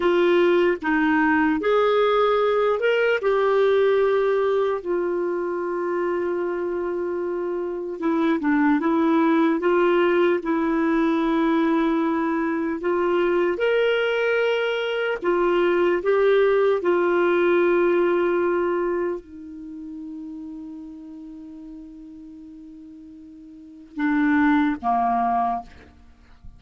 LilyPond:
\new Staff \with { instrumentName = "clarinet" } { \time 4/4 \tempo 4 = 75 f'4 dis'4 gis'4. ais'8 | g'2 f'2~ | f'2 e'8 d'8 e'4 | f'4 e'2. |
f'4 ais'2 f'4 | g'4 f'2. | dis'1~ | dis'2 d'4 ais4 | }